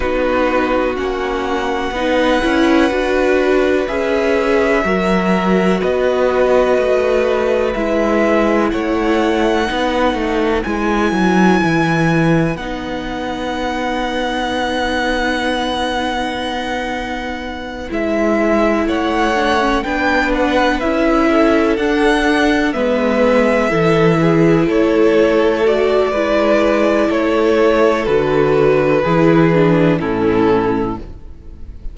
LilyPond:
<<
  \new Staff \with { instrumentName = "violin" } { \time 4/4 \tempo 4 = 62 b'4 fis''2. | e''2 dis''2 | e''4 fis''2 gis''4~ | gis''4 fis''2.~ |
fis''2~ fis''8 e''4 fis''8~ | fis''8 g''8 fis''8 e''4 fis''4 e''8~ | e''4. cis''4 d''4. | cis''4 b'2 a'4 | }
  \new Staff \with { instrumentName = "violin" } { \time 4/4 fis'2 b'2~ | b'4 ais'4 b'2~ | b'4 cis''4 b'2~ | b'1~ |
b'2.~ b'8 cis''8~ | cis''8 b'4. a'4. b'8~ | b'8 a'8 gis'8 a'4. b'4 | a'2 gis'4 e'4 | }
  \new Staff \with { instrumentName = "viola" } { \time 4/4 dis'4 cis'4 dis'8 e'8 fis'4 | gis'4 fis'2. | e'2 dis'4 e'4~ | e'4 dis'2.~ |
dis'2~ dis'8 e'4. | d'16 cis'16 d'4 e'4 d'4 b8~ | b8 e'2 fis'8 e'4~ | e'4 fis'4 e'8 d'8 cis'4 | }
  \new Staff \with { instrumentName = "cello" } { \time 4/4 b4 ais4 b8 cis'8 d'4 | cis'4 fis4 b4 a4 | gis4 a4 b8 a8 gis8 fis8 | e4 b2.~ |
b2~ b8 gis4 a8~ | a8 b4 cis'4 d'4 gis8~ | gis8 e4 a4. gis4 | a4 d4 e4 a,4 | }
>>